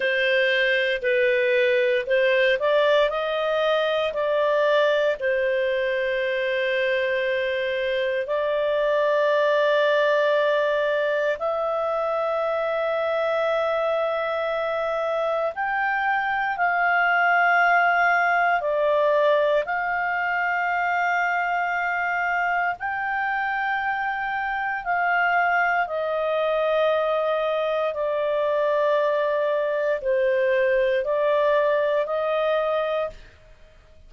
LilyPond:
\new Staff \with { instrumentName = "clarinet" } { \time 4/4 \tempo 4 = 58 c''4 b'4 c''8 d''8 dis''4 | d''4 c''2. | d''2. e''4~ | e''2. g''4 |
f''2 d''4 f''4~ | f''2 g''2 | f''4 dis''2 d''4~ | d''4 c''4 d''4 dis''4 | }